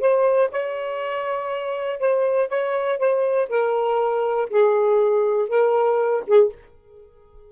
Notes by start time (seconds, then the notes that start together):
0.00 C5
0.52 C#5
2.00 C5
2.49 C#5
2.99 C5
3.49 A#4
4.50 G#4
5.49 A#4
6.27 G#4